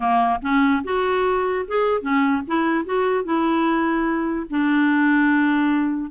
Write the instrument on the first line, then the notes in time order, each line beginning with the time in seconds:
clarinet
0.00 A#3
0.41 C#4
0.84 F#4
1.67 G#4
2.01 C#4
2.47 E4
2.85 F#4
3.24 E4
4.50 D4